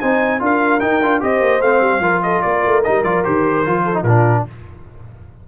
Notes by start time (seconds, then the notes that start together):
0.00 C4 D#4 C5 G#5
0.39 D4 F4 A#4 F5
0.80 D#4 G5
1.01 D4 F4
1.20 C4 G4 C5 D#5
1.41 A#3
1.61 A3 C4 F5
1.80 G3
2.00 F3 F4 A#4
2.23 A4 D#5
2.42 A#3 A#4 D5
2.66 A3
2.83 G3 D#4 D#5
3.03 F3 F4 D5
3.24 D#3 G4 C5
3.65 F3 F4
3.84 A4
3.93 D#4
4.02 A#2 D4 F4 A#4